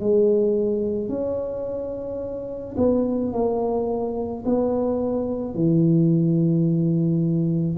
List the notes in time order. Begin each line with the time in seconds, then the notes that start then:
0.00 G#3
1.09 C#4
2.77 B3
3.33 A#3
4.45 B3
5.55 E3